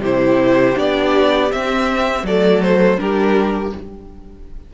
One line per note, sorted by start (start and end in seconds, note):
0.00 0.74 C3
0.00 0.75 E4
0.00 2.23 G4
0.00 0.78 C5
0.75 1.52 B3
0.75 1.49 D4
0.75 1.52 D5
1.51 2.25 C4
1.51 2.23 C4
1.51 2.26 E5
2.23 2.97 F#3
2.23 2.97 A3
2.23 3.00 A4
2.23 2.62 D5
2.62 2.99 C5
2.97 3.72 G3
2.97 3.71 D4
2.97 3.74 G4
2.97 3.73 A#4